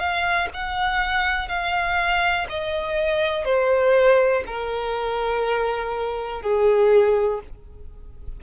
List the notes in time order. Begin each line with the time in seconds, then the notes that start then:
0.00 F5
0.54 F#5
1.49 F5
2.49 D#5
3.45 C5
4.47 A#4
6.42 G#4